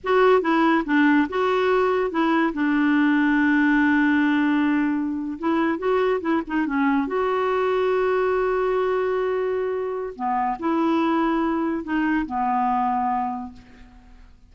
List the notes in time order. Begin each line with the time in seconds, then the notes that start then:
0.03 F#4
0.41 E4
0.85 D4
1.29 F#4
2.10 E4
2.53 D4
5.38 E4
5.78 F#4
6.21 E4
6.47 D#4
6.66 C#4
7.07 F#4
10.15 B3
10.59 E4
11.83 D#4
12.26 B3